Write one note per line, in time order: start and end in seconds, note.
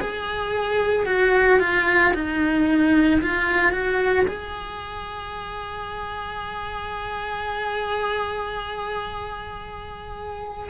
0.00 1.06 G#4
1.06 1.59 F#4
1.59 2.13 F4
2.13 3.20 D#4
3.21 3.72 F4
3.72 4.25 F#4
4.27 10.69 G#4